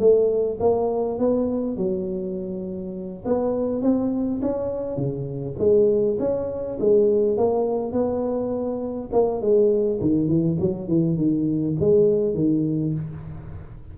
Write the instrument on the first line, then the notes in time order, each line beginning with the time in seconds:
tuba
0.00 A3
0.60 A#3
1.19 B3
1.77 F#3
3.26 B3
3.82 C4
4.43 C#4
4.97 C#3
5.59 G#3
6.20 C#4
6.80 G#3
7.38 A#3
7.93 B3
9.13 A#3
9.42 G#3
10.01 D#3
10.28 E3
10.60 F#3
10.89 E3
11.17 D#3
11.80 G#3
12.35 D#3